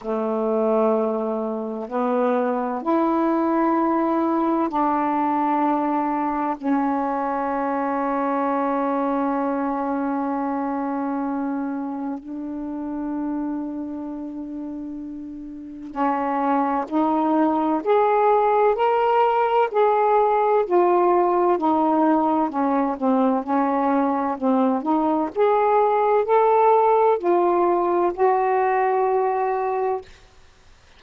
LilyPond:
\new Staff \with { instrumentName = "saxophone" } { \time 4/4 \tempo 4 = 64 a2 b4 e'4~ | e'4 d'2 cis'4~ | cis'1~ | cis'4 d'2.~ |
d'4 cis'4 dis'4 gis'4 | ais'4 gis'4 f'4 dis'4 | cis'8 c'8 cis'4 c'8 dis'8 gis'4 | a'4 f'4 fis'2 | }